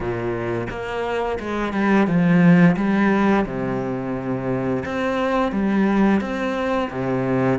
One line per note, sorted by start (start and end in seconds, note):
0.00 0.67 A#2
0.70 1.39 A#3
1.39 1.72 G#3
1.72 2.07 G3
2.07 2.76 F3
2.76 3.45 G3
3.45 4.83 C3
4.85 5.51 C4
5.51 6.20 G3
6.20 6.89 C4
6.90 7.59 C3